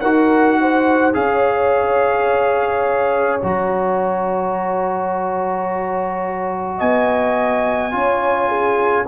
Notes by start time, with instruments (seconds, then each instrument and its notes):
0.00 tuba D#4, trombone F#4, horn A#4, trumpet F#5
0.60 horn C5
1.13 tuba C#4, trombone G#4, horn C#5, trumpet F5
3.39 tuba F#3, trombone F#4, trumpet A#5
6.78 tuba B3, horn D#5, trumpet G#5
7.91 tuba C#4, trombone F4, horn C#5
8.48 horn G#4